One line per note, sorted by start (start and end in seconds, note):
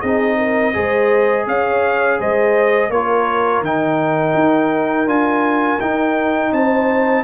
0.00 0.75 C4
0.00 0.73 D#4
0.00 0.36 G#4
0.00 1.46 D#5
0.38 0.74 A#4
0.73 1.47 G#3
0.73 2.90 G#4
0.73 1.47 C5
1.47 2.19 C#4
1.47 2.19 C#5
1.47 2.20 F5
2.19 2.89 G#3
2.19 2.90 C5
2.19 2.91 D#5
2.89 3.61 A#3
2.89 3.65 F4
2.89 6.52 A#4
2.89 3.63 C#5
3.61 4.33 D#3
3.61 5.07 D#4
3.61 5.09 G5
4.34 5.06 D#4
5.06 5.78 D4
5.06 5.79 F4
5.06 5.80 G#5
5.80 6.52 D#4
5.80 7.24 D#4
5.80 6.53 G5
6.52 7.24 C4
6.52 7.24 C5
6.52 7.24 A5